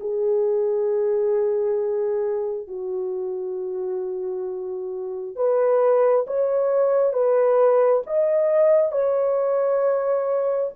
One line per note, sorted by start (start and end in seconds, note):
0.00 2.67 G#4
2.67 5.36 F#4
5.36 6.25 B4
6.26 7.13 C#5
7.13 8.02 B4
8.06 8.91 D#5
8.91 10.71 C#5